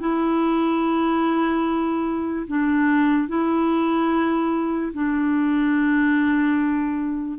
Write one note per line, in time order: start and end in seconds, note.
0.00 2.47 E4
2.48 3.28 D4
3.28 4.93 E4
4.94 7.39 D4